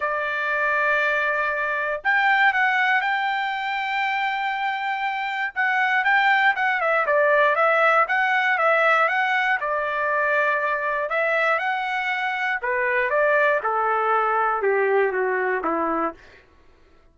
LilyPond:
\new Staff \with { instrumentName = "trumpet" } { \time 4/4 \tempo 4 = 119 d''1 | g''4 fis''4 g''2~ | g''2. fis''4 | g''4 fis''8 e''8 d''4 e''4 |
fis''4 e''4 fis''4 d''4~ | d''2 e''4 fis''4~ | fis''4 b'4 d''4 a'4~ | a'4 g'4 fis'4 e'4 | }